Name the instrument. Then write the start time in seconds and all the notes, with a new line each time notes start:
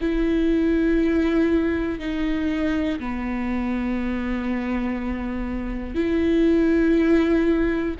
viola
0.00 E4
1.99 D#4
2.99 B3
5.95 E4